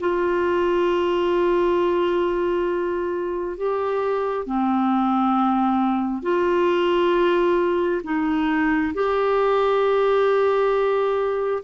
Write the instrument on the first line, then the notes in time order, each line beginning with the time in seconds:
clarinet
0.00 F4
3.57 G4
4.47 C4
6.22 F4
8.04 D#4
8.94 G4